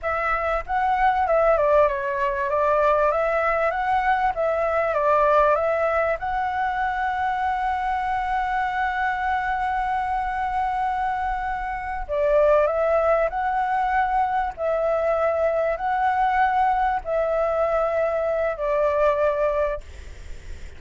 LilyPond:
\new Staff \with { instrumentName = "flute" } { \time 4/4 \tempo 4 = 97 e''4 fis''4 e''8 d''8 cis''4 | d''4 e''4 fis''4 e''4 | d''4 e''4 fis''2~ | fis''1~ |
fis''2.~ fis''8 d''8~ | d''8 e''4 fis''2 e''8~ | e''4. fis''2 e''8~ | e''2 d''2 | }